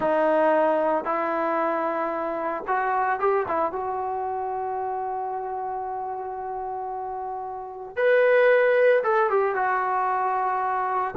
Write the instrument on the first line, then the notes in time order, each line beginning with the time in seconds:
trombone
0.00 D#4
1.04 E4
2.67 F#4
3.19 G4
3.48 E4
3.72 F#4
7.96 B4
9.03 A4
9.29 G4
9.55 F#4